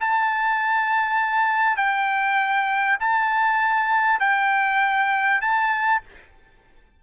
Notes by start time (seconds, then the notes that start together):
0.00 A5
1.77 G5
2.99 A5
4.19 G5
5.41 A5